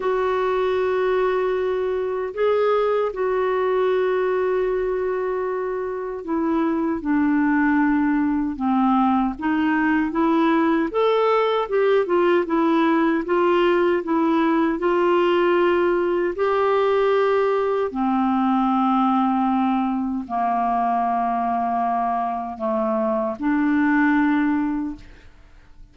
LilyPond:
\new Staff \with { instrumentName = "clarinet" } { \time 4/4 \tempo 4 = 77 fis'2. gis'4 | fis'1 | e'4 d'2 c'4 | dis'4 e'4 a'4 g'8 f'8 |
e'4 f'4 e'4 f'4~ | f'4 g'2 c'4~ | c'2 ais2~ | ais4 a4 d'2 | }